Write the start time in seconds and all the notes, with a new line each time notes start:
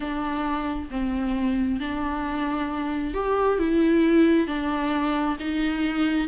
0.00 D4
0.90 C4
1.80 D4
3.13 G4
3.58 E4
4.47 D4
5.39 D#4